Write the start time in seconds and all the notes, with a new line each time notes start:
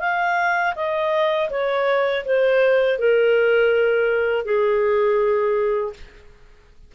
0.00 F5
0.75 D#5
1.50 C#5
2.25 C5
2.99 A#4
4.45 G#4